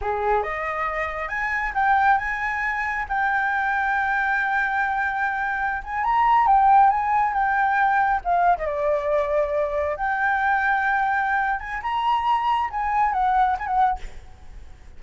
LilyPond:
\new Staff \with { instrumentName = "flute" } { \time 4/4 \tempo 4 = 137 gis'4 dis''2 gis''4 | g''4 gis''2 g''4~ | g''1~ | g''4~ g''16 gis''8 ais''4 g''4 gis''16~ |
gis''8. g''2 f''8. dis''16 d''16~ | d''2~ d''8. g''4~ g''16~ | g''2~ g''8 gis''8 ais''4~ | ais''4 gis''4 fis''4 gis''16 fis''8. | }